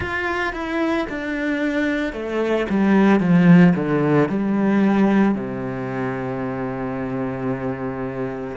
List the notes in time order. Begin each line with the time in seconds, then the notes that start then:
0.00 F4
0.53 E4
1.09 D4
2.12 A3
2.69 G3
3.19 F3
3.75 D3
4.29 G3
5.34 C3